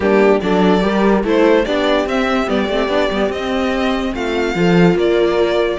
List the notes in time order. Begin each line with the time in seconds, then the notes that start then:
0.00 G3 A#3 D4 G4
0.40 F#3 D4 A4 D5
0.81 G3 G4 A#4
1.23 A3 E4 A4 C5
1.65 B3 D4 G4 D5
2.06 C4 E5
2.46 G3 B3 D5
2.68 A3 C4
2.88 B3 D4
3.10 G3 B3
3.29 C4 D#5
4.14 A3 F4 F5
4.55 F3 F4 A4
4.94 A#3 A#4 D5